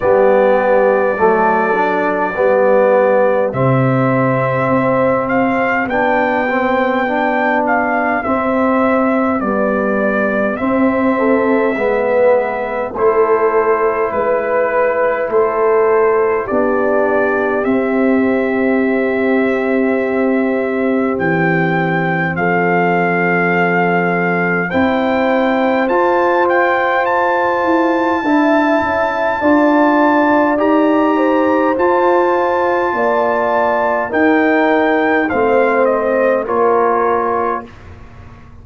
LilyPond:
<<
  \new Staff \with { instrumentName = "trumpet" } { \time 4/4 \tempo 4 = 51 d''2. e''4~ | e''8 f''8 g''4. f''8 e''4 | d''4 e''2 c''4 | b'4 c''4 d''4 e''4~ |
e''2 g''4 f''4~ | f''4 g''4 a''8 g''8 a''4~ | a''2 ais''4 a''4~ | a''4 g''4 f''8 dis''8 cis''4 | }
  \new Staff \with { instrumentName = "horn" } { \time 4/4 g'4 a'4 g'2~ | g'1~ | g'4. a'8 b'4 a'4 | b'4 a'4 g'2~ |
g'2. a'4~ | a'4 c''2. | e''4 d''4. c''4. | d''4 ais'4 c''4 ais'4 | }
  \new Staff \with { instrumentName = "trombone" } { \time 4/4 b4 a8 d'8 b4 c'4~ | c'4 d'8 c'8 d'4 c'4 | g4 c'4 b4 e'4~ | e'2 d'4 c'4~ |
c'1~ | c'4 e'4 f'2 | e'4 f'4 g'4 f'4~ | f'4 dis'4 c'4 f'4 | }
  \new Staff \with { instrumentName = "tuba" } { \time 4/4 g4 fis4 g4 c4 | c'4 b2 c'4 | b4 c'4 gis4 a4 | gis4 a4 b4 c'4~ |
c'2 e4 f4~ | f4 c'4 f'4. e'8 | d'8 cis'8 d'4 dis'4 f'4 | ais4 dis'4 a4 ais4 | }
>>